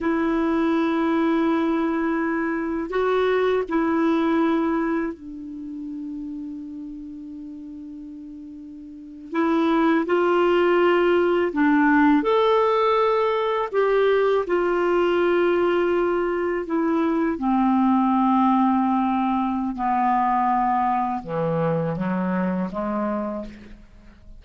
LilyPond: \new Staff \with { instrumentName = "clarinet" } { \time 4/4 \tempo 4 = 82 e'1 | fis'4 e'2 d'4~ | d'1~ | d'8. e'4 f'2 d'16~ |
d'8. a'2 g'4 f'16~ | f'2~ f'8. e'4 c'16~ | c'2. b4~ | b4 e4 fis4 gis4 | }